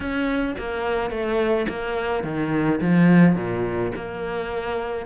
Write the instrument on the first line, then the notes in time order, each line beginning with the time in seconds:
cello
0.00 C#4
0.58 A#3
1.10 A3
1.68 A#3
2.23 D#3
2.80 F3
3.35 A#2
3.95 A#3